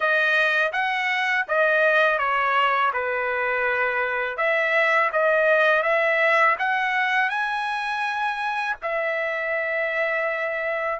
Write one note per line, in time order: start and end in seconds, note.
0.00 0.72 D#5
0.72 1.45 F#5
1.48 2.18 D#5
2.18 2.91 C#5
2.93 4.37 B4
4.37 5.10 E5
5.12 5.82 D#5
5.82 6.56 E5
6.59 7.29 F#5
7.29 8.76 G#5
8.82 11.00 E5